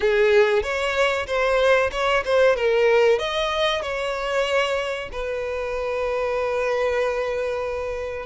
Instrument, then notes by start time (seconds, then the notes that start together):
violin
0.00 G#4
0.62 C#5
1.26 C5
1.91 C#5
2.24 C5
2.56 A#4
3.18 D#5
3.82 C#5
5.12 B4